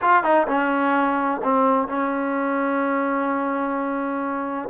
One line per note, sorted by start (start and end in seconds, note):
0.01 0.23 F4
0.23 0.47 D#4
0.47 1.41 C#4
1.43 1.87 C4
1.87 4.69 C#4